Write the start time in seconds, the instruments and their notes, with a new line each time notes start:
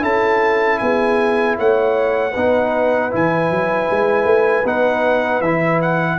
0.00 tuba C#4, trombone E4, horn A4, trumpet A5
0.78 tuba B3, horn G#4, trumpet G#5
1.58 tuba A3, horn C#5, trumpet F#5
2.31 tuba B3, trombone D#4, horn B4
3.10 tuba E3, trombone E4, trumpet G#5
3.50 tuba F#3
3.90 tuba G#3
4.24 tuba A3
4.64 tuba B3, trombone D#4, trumpet F#5
5.41 tuba E3, trombone E4, trumpet E5
5.81 trumpet F#5